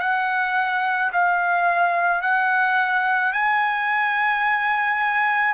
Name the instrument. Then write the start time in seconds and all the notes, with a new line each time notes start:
trumpet
0.00 F#5
1.12 F5
2.21 F#5
3.33 G#5